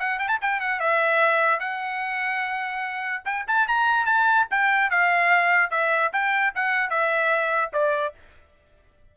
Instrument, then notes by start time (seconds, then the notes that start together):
trumpet
0.00 F#5
0.20 G5
0.29 A5
0.42 G5
0.61 F#5
0.80 E5
1.60 F#5
3.26 G5
3.48 A5
3.68 A#5
4.06 A5
4.51 G5
4.91 F5
5.71 E5
6.13 G5
6.55 F#5
6.90 E5
7.73 D5